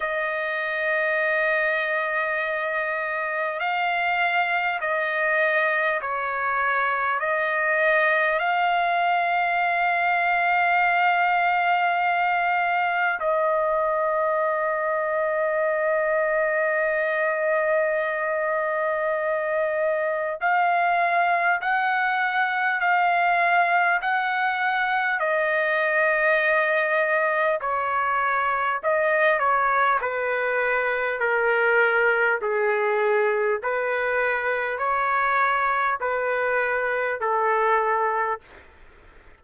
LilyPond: \new Staff \with { instrumentName = "trumpet" } { \time 4/4 \tempo 4 = 50 dis''2. f''4 | dis''4 cis''4 dis''4 f''4~ | f''2. dis''4~ | dis''1~ |
dis''4 f''4 fis''4 f''4 | fis''4 dis''2 cis''4 | dis''8 cis''8 b'4 ais'4 gis'4 | b'4 cis''4 b'4 a'4 | }